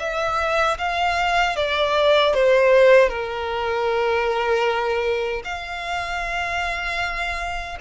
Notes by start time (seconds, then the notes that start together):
0.00 E5
0.79 F5
1.57 D5
2.34 C5
3.09 A#4
5.45 F5